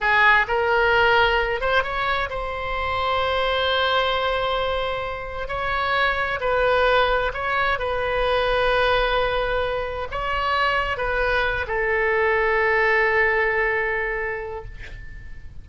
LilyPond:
\new Staff \with { instrumentName = "oboe" } { \time 4/4 \tempo 4 = 131 gis'4 ais'2~ ais'8 c''8 | cis''4 c''2.~ | c''1 | cis''2 b'2 |
cis''4 b'2.~ | b'2 cis''2 | b'4. a'2~ a'8~ | a'1 | }